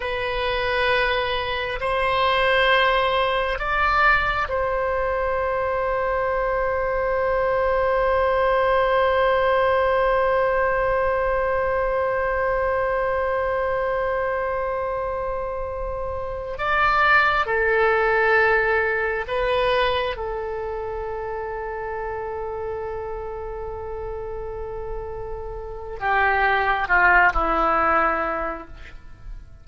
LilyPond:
\new Staff \with { instrumentName = "oboe" } { \time 4/4 \tempo 4 = 67 b'2 c''2 | d''4 c''2.~ | c''1~ | c''1~ |
c''2~ c''8 d''4 a'8~ | a'4. b'4 a'4.~ | a'1~ | a'4 g'4 f'8 e'4. | }